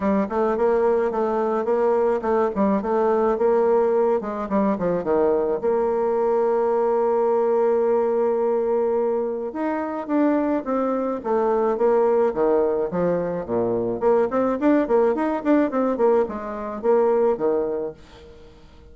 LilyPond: \new Staff \with { instrumentName = "bassoon" } { \time 4/4 \tempo 4 = 107 g8 a8 ais4 a4 ais4 | a8 g8 a4 ais4. gis8 | g8 f8 dis4 ais2~ | ais1~ |
ais4 dis'4 d'4 c'4 | a4 ais4 dis4 f4 | ais,4 ais8 c'8 d'8 ais8 dis'8 d'8 | c'8 ais8 gis4 ais4 dis4 | }